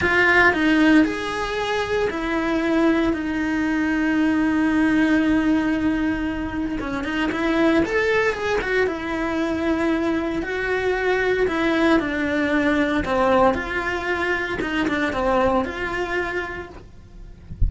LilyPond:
\new Staff \with { instrumentName = "cello" } { \time 4/4 \tempo 4 = 115 f'4 dis'4 gis'2 | e'2 dis'2~ | dis'1~ | dis'4 cis'8 dis'8 e'4 a'4 |
gis'8 fis'8 e'2. | fis'2 e'4 d'4~ | d'4 c'4 f'2 | dis'8 d'8 c'4 f'2 | }